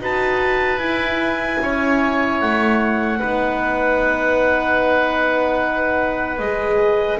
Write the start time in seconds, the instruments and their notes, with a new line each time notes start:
0.00 double bass D#4, horn F#4, oboe B4, clarinet A5
0.78 double bass E4, horn E4, clarinet G#5
1.62 double bass C#4, oboe C#5
2.41 double bass A3, clarinet F#5
3.19 double bass B3, horn D#4, oboe B4
6.39 double bass G#3, horn G#4, clarinet D#5